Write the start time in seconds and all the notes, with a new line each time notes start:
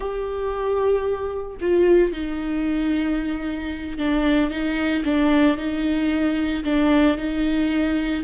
0.00 G4
1.60 F4
2.12 D#4
3.98 D4
4.50 D#4
5.04 D4
5.57 D#4
6.64 D4
7.17 D#4